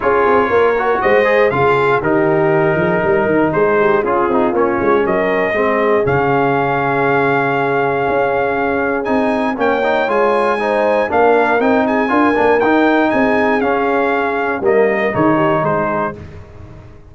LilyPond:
<<
  \new Staff \with { instrumentName = "trumpet" } { \time 4/4 \tempo 4 = 119 cis''2 dis''4 f''4 | ais'2. c''4 | gis'4 cis''4 dis''2 | f''1~ |
f''2 gis''4 g''4 | gis''2 f''4 g''8 gis''8~ | gis''4 g''4 gis''4 f''4~ | f''4 dis''4 cis''4 c''4 | }
  \new Staff \with { instrumentName = "horn" } { \time 4/4 gis'4 ais'4 c''4 gis'4 | g'4. gis'8 ais'4 gis'8 g'8 | f'2 ais'4 gis'4~ | gis'1~ |
gis'2. cis''4~ | cis''4 c''4 ais'4. gis'8 | ais'2 gis'2~ | gis'4 ais'4 gis'8 g'8 gis'4 | }
  \new Staff \with { instrumentName = "trombone" } { \time 4/4 f'4. fis'4 gis'8 f'4 | dis'1 | f'8 dis'8 cis'2 c'4 | cis'1~ |
cis'2 dis'4 cis'8 dis'8 | f'4 dis'4 d'4 dis'4 | f'8 d'8 dis'2 cis'4~ | cis'4 ais4 dis'2 | }
  \new Staff \with { instrumentName = "tuba" } { \time 4/4 cis'8 c'8 ais4 gis4 cis4 | dis4. f8 g8 dis8 gis4 | cis'8 c'8 ais8 gis8 fis4 gis4 | cis1 |
cis'2 c'4 ais4 | gis2 ais4 c'4 | d'8 ais8 dis'4 c'4 cis'4~ | cis'4 g4 dis4 gis4 | }
>>